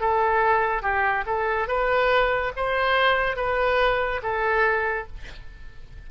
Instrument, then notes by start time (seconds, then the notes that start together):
oboe
0.00 A4
0.82 G4
1.26 A4
1.67 B4
2.56 C5
3.36 B4
4.23 A4